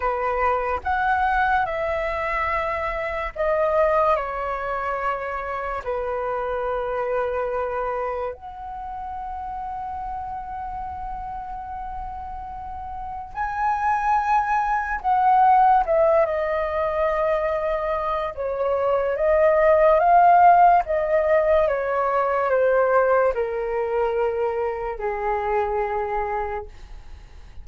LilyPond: \new Staff \with { instrumentName = "flute" } { \time 4/4 \tempo 4 = 72 b'4 fis''4 e''2 | dis''4 cis''2 b'4~ | b'2 fis''2~ | fis''1 |
gis''2 fis''4 e''8 dis''8~ | dis''2 cis''4 dis''4 | f''4 dis''4 cis''4 c''4 | ais'2 gis'2 | }